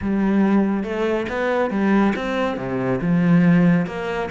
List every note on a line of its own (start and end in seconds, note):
0.01 0.83 G3
0.83 1.26 A3
1.28 1.70 B3
1.70 2.13 G3
2.15 2.57 C4
2.57 3.00 C3
3.01 3.86 F3
3.86 4.29 A#3